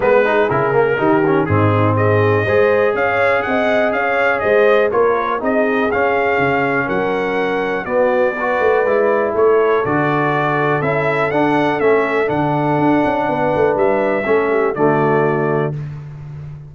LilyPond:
<<
  \new Staff \with { instrumentName = "trumpet" } { \time 4/4 \tempo 4 = 122 b'4 ais'2 gis'4 | dis''2 f''4 fis''4 | f''4 dis''4 cis''4 dis''4 | f''2 fis''2 |
d''2. cis''4 | d''2 e''4 fis''4 | e''4 fis''2. | e''2 d''2 | }
  \new Staff \with { instrumentName = "horn" } { \time 4/4 ais'8 gis'4. g'4 dis'4 | gis'4 c''4 cis''4 dis''4 | cis''4 c''4 ais'4 gis'4~ | gis'2 ais'2 |
fis'4 b'2 a'4~ | a'1~ | a'2. b'4~ | b'4 a'8 g'8 fis'2 | }
  \new Staff \with { instrumentName = "trombone" } { \time 4/4 b8 dis'8 e'8 ais8 dis'8 cis'8 c'4~ | c'4 gis'2.~ | gis'2 f'4 dis'4 | cis'1 |
b4 fis'4 e'2 | fis'2 e'4 d'4 | cis'4 d'2.~ | d'4 cis'4 a2 | }
  \new Staff \with { instrumentName = "tuba" } { \time 4/4 gis4 cis4 dis4 gis,4~ | gis,4 gis4 cis'4 c'4 | cis'4 gis4 ais4 c'4 | cis'4 cis4 fis2 |
b4. a8 gis4 a4 | d2 cis'4 d'4 | a4 d4 d'8 cis'8 b8 a8 | g4 a4 d2 | }
>>